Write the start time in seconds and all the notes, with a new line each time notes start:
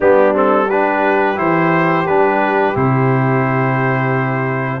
0.00 G3 B3 D4 G4
0.33 C4 A4
0.65 D4 G4 B4
1.35 E3 E4 C5
2.05 G3 D4 B4
2.74 C3 E4 C5